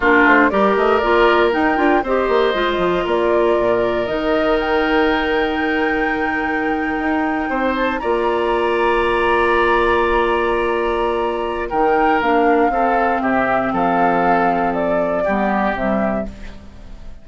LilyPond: <<
  \new Staff \with { instrumentName = "flute" } { \time 4/4 \tempo 4 = 118 ais'8 c''8 d''8 dis''8 d''4 g''4 | dis''2 d''2 | dis''4 g''2.~ | g''2.~ g''16 a''8 ais''16~ |
ais''1~ | ais''2. g''4 | f''2 e''4 f''4~ | f''4 d''2 e''4 | }
  \new Staff \with { instrumentName = "oboe" } { \time 4/4 f'4 ais'2. | c''2 ais'2~ | ais'1~ | ais'2~ ais'8. c''4 d''16~ |
d''1~ | d''2. ais'4~ | ais'4 a'4 g'4 a'4~ | a'2 g'2 | }
  \new Staff \with { instrumentName = "clarinet" } { \time 4/4 d'4 g'4 f'4 dis'8 f'8 | g'4 f'2. | dis'1~ | dis'2.~ dis'8. f'16~ |
f'1~ | f'2. dis'4 | d'4 c'2.~ | c'2 b4 g4 | }
  \new Staff \with { instrumentName = "bassoon" } { \time 4/4 ais8 a8 g8 a8 ais4 dis'8 d'8 | c'8 ais8 gis8 f8 ais4 ais,4 | dis1~ | dis4.~ dis16 dis'4 c'4 ais16~ |
ais1~ | ais2. dis4 | ais4 c'4 c4 f4~ | f2 g4 c4 | }
>>